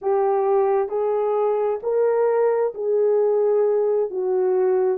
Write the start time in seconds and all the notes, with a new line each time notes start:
0.01 G4
0.88 G#4
1.82 A#4
2.74 G#4
4.10 F#4